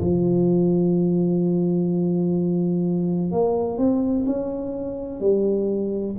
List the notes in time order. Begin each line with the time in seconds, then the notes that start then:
0.00 F3
3.31 A#3
3.77 C4
4.26 C#4
5.20 G3